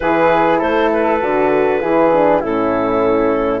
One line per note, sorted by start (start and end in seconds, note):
0.00 0.61 E3
0.00 1.21 E4
0.00 0.59 G#4
0.00 0.59 B4
0.59 1.21 A3
0.59 1.80 A4
0.59 0.90 C5
0.92 2.43 B4
1.21 1.82 D3
1.21 1.81 F#4
1.81 2.43 E3
1.81 2.11 E4
1.81 2.40 G#4
2.12 2.42 D4
2.40 3.60 A2
2.40 3.60 C#4
2.40 3.60 E4
2.40 3.60 A4